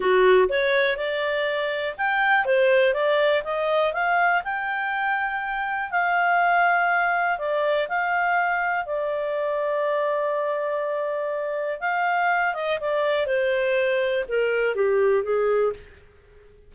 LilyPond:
\new Staff \with { instrumentName = "clarinet" } { \time 4/4 \tempo 4 = 122 fis'4 cis''4 d''2 | g''4 c''4 d''4 dis''4 | f''4 g''2. | f''2. d''4 |
f''2 d''2~ | d''1 | f''4. dis''8 d''4 c''4~ | c''4 ais'4 g'4 gis'4 | }